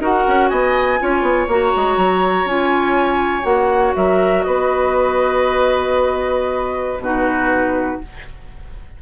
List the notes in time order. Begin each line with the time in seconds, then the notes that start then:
0.00 D#4 F#4 A#4 F#5
0.28 C#4
0.49 B3 D#5 G#5
0.99 C#4 F4 C#5
1.22 B3
1.48 A#3 F#4 A#5
1.76 G#3
1.97 F#3
2.45 C#4 F4 G#5
3.43 A#3 F#4 F#5
3.95 F#3 A#4 E5
4.43 B3 B4 D#5
6.99 B2 D#4 F#4 B4